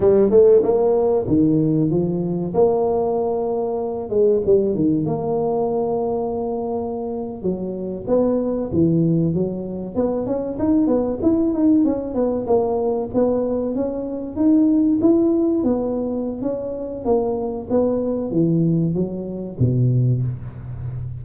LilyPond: \new Staff \with { instrumentName = "tuba" } { \time 4/4 \tempo 4 = 95 g8 a8 ais4 dis4 f4 | ais2~ ais8 gis8 g8 dis8 | ais2.~ ais8. fis16~ | fis8. b4 e4 fis4 b16~ |
b16 cis'8 dis'8 b8 e'8 dis'8 cis'8 b8 ais16~ | ais8. b4 cis'4 dis'4 e'16~ | e'8. b4~ b16 cis'4 ais4 | b4 e4 fis4 b,4 | }